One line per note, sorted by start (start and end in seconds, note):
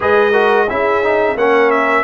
0.00 0.69 G#3
0.00 0.31 G#4
0.00 0.31 B4
0.00 0.69 D#5
0.31 0.67 F#4
0.31 0.65 A#4
0.69 1.35 C#4
0.69 1.02 E4
0.69 1.38 G#4
0.69 1.37 E5
1.02 1.36 D#4
1.35 2.03 A#3
1.35 2.04 C#4
1.35 2.04 A#4
1.35 1.70 F#5
1.70 2.04 E5